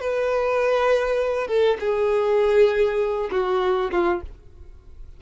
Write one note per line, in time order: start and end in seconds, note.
0.00 1.47 B4
1.47 1.77 A4
1.79 3.29 G#4
3.31 3.91 F#4
3.91 4.21 F4